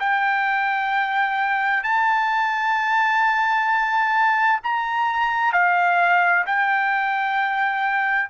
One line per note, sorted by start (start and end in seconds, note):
0.00 1.83 G5
1.83 4.60 A5
4.64 5.53 A#5
5.53 6.45 F5
6.46 8.30 G5